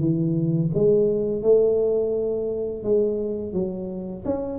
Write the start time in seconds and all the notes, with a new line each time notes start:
0.00 E3
0.75 G#3
1.42 A3
2.84 G#3
3.53 F#3
4.25 C#4